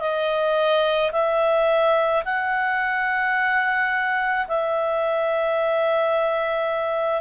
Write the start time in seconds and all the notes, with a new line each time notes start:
0.00 D#5
1.12 E5
2.25 F#5
4.47 E5